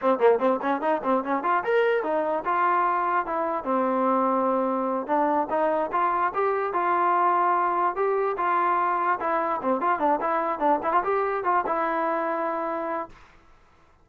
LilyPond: \new Staff \with { instrumentName = "trombone" } { \time 4/4 \tempo 4 = 147 c'8 ais8 c'8 cis'8 dis'8 c'8 cis'8 f'8 | ais'4 dis'4 f'2 | e'4 c'2.~ | c'8 d'4 dis'4 f'4 g'8~ |
g'8 f'2. g'8~ | g'8 f'2 e'4 c'8 | f'8 d'8 e'4 d'8 e'16 f'16 g'4 | f'8 e'2.~ e'8 | }